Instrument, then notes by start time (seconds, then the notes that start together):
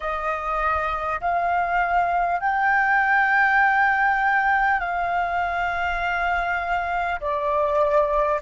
flute
0.00 D#5
1.21 F5
2.40 G5
4.79 F5
7.20 D5